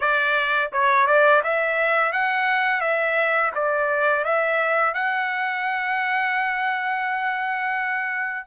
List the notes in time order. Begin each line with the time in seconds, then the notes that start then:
0.00 D5
0.72 C#5
1.06 D5
1.43 E5
2.12 F#5
2.80 E5
3.55 D5
4.24 E5
4.94 F#5